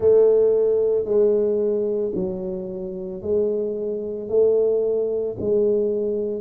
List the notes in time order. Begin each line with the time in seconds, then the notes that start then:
0.00 A3
1.04 G#3
2.14 F#3
3.21 G#3
4.29 A3
5.40 G#3